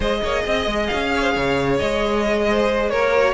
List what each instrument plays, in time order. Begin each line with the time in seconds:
0.00 cello G#3, viola G#4, violin C5 D#5
0.23 cello A#3, violin C#5
0.43 cello C4, violin D#5
0.66 cello G#3
0.86 violin F5
0.93 cello C#4
1.14 violin C#5
1.21 violin C5
1.34 cello C#3, violin C#5
1.78 cello G#3, violin D#5
2.49 violin C5
2.89 cello A#3, violin A#4 C#5
3.14 viola F#4